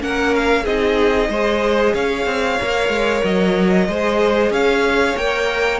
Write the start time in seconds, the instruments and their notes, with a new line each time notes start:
0.00 cello A#3, viola C#4, violin A#4 F#5
0.35 violin F5
0.63 cello C4, viola D#4, violin G#4 D#5
1.29 cello G#3, viola G#4, violin C5
1.94 cello C#4, violin C#5 F5
2.26 cello C4
2.61 cello A#3, viola A#4
2.89 cello G#3
3.24 cello F#3, violin D#5
3.88 cello G#3, viola G#4, violin C5
4.51 cello C#4, violin C#5 F5
5.17 cello A#3, viola A#4, violin G5